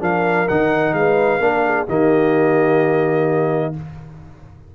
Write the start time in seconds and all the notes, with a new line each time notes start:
0.00 F3 D4 A#4 F5
0.48 D#3 D#4 F#5
0.94 G#3 B4 F5
1.39 A#3 D4 A#4
1.65 G#4
1.87 D#3 A#3 G4 D#5